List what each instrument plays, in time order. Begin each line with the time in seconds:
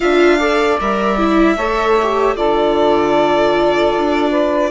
0.00 bassoon D4, viola F4, saxophone E5, violin F5
0.38 viola A4, saxophone D5
0.80 bassoon G3, viola A#4, violin E5
1.17 viola E4
1.56 bassoon A3, viola A4, saxophone C#5
2.02 viola G4
2.36 bassoon D3, viola F4, saxophone A4, violin D5
3.97 bassoon D4
4.30 saxophone B4